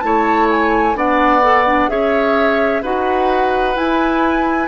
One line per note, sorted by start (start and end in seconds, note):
0.00 0.96 A3
0.00 0.95 E4
0.00 0.97 C#5
0.00 0.47 A5
0.51 0.97 G#5
0.95 1.89 B3
0.95 1.42 D4
0.95 1.91 D5
0.95 1.89 F#5
1.43 1.66 A4
1.67 1.89 D4
1.89 2.83 C#4
1.89 2.83 G#4
1.89 2.83 C#5
1.89 2.83 E5
2.83 3.77 D#4
2.83 3.75 F#4
2.83 4.68 B4
2.83 3.78 F#5
3.75 4.68 E4
3.75 4.68 G#5